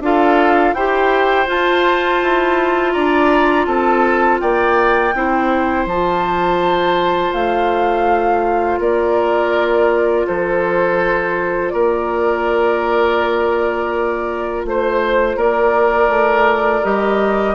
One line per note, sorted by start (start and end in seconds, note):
0.00 0.73 D4
0.00 0.76 F4
0.00 0.75 A4
0.00 0.73 F5
0.73 1.46 E4
0.73 1.46 G4
0.73 2.93 C5
0.73 1.47 G5
1.46 5.12 F4
1.46 2.20 F4
1.46 2.92 A5
2.22 2.95 E4
2.92 3.66 D4
2.92 3.66 D5
2.92 3.65 A#5
3.65 4.39 C4
3.65 4.41 A4
3.65 4.38 A5
4.40 5.14 A#3
4.40 5.14 D5
4.40 5.86 G5
5.14 5.86 C4
5.14 5.88 E4
5.14 8.80 C5
5.86 7.32 F3
5.86 16.84 F4
5.86 7.33 A5
7.33 8.79 A3
7.33 8.79 F5
8.79 10.26 A#3
8.79 10.26 A#4
8.79 10.27 D5
10.27 11.72 F3
10.27 11.73 A4
10.27 11.70 C5
11.70 14.65 A#3
11.70 14.65 A#4
11.70 14.62 D5
14.65 15.36 A3
14.65 15.39 C5
14.65 15.36 C5
15.36 16.09 A#3
15.36 17.55 A#4
15.36 16.84 D5
16.09 16.82 A3
16.84 17.55 G3
16.84 17.55 G4
16.84 17.55 D#5